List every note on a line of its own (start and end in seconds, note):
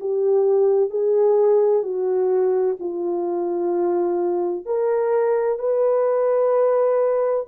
0.00 0.90 G4
0.90 1.83 G#4
1.83 2.77 F#4
2.80 4.65 F4
4.65 5.59 A#4
5.59 7.46 B4